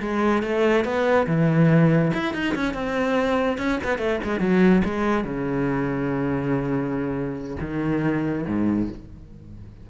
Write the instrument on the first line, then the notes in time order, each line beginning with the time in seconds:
cello
0.00 G#3
0.42 A3
0.84 B3
1.27 E3
2.13 E4
2.34 D#4
2.55 C#4
2.73 C4
3.58 C#4
3.83 B3
3.98 A3
4.23 G#3
4.40 F#3
4.85 G#3
5.24 C#3
7.60 D#3
8.47 G#2